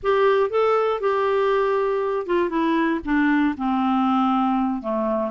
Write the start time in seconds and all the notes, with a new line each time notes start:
0.02 G4
0.50 A4
1.00 G4
2.26 F4
2.49 E4
3.04 D4
3.57 C4
4.82 A3